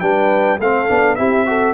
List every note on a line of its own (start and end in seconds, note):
0.00 0.59 G3
0.00 0.59 D4
0.00 0.59 B4
0.00 0.58 G5
0.59 0.88 A3
0.59 0.88 C4
0.59 1.18 A4
0.59 1.15 F5
0.88 1.18 B3
0.88 1.17 D4
1.15 1.73 C4
1.15 1.46 E4
1.15 1.47 G4
1.15 1.73 E5
1.46 1.73 F#4
1.46 1.73 A4